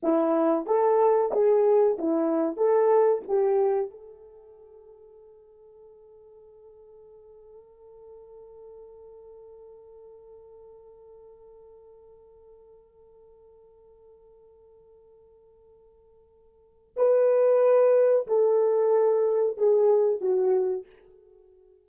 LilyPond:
\new Staff \with { instrumentName = "horn" } { \time 4/4 \tempo 4 = 92 e'4 a'4 gis'4 e'4 | a'4 g'4 a'2~ | a'1~ | a'1~ |
a'1~ | a'1~ | a'2 b'2 | a'2 gis'4 fis'4 | }